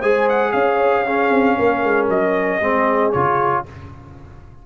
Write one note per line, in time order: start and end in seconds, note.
0.00 0.54 G#3
0.00 1.06 G#4
0.00 0.52 C5
0.00 0.28 G#5
0.29 0.52 F#5
0.52 1.30 C#4
0.52 1.05 C#5
0.52 2.07 F5
1.05 2.62 C#4
1.05 1.57 G#4
1.30 1.56 C4
1.58 1.84 A#3
1.58 2.61 A#4
1.84 2.09 G#3
2.09 2.61 F#3
2.09 3.12 D#5
2.61 3.13 G#3
2.61 3.14 C4
2.61 3.65 G#4
3.12 3.67 C#3
3.12 3.66 F4
3.12 3.64 C#5